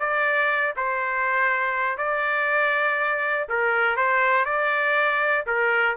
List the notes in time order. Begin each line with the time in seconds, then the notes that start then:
0.00 D5
0.77 C5
1.98 D5
3.49 A#4
3.97 C5
4.46 D5
5.47 A#4